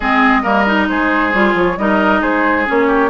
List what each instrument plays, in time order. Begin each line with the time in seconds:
0.00 bassoon G#3, clarinet C4, oboe G#4, flute D#5
0.42 bassoon G3, clarinet A#3, oboe A#4
0.66 clarinet D#4
0.88 bassoon G#3, oboe G#4, flute C5
1.33 bassoon G3, clarinet F4
1.54 bassoon F3, flute C#5
1.77 bassoon G3, clarinet D#4, oboe A#4, flute D#5
2.20 bassoon G#3, oboe G#4, flute C5
2.66 bassoon A#3, clarinet C#4, flute C#5
2.87 oboe G4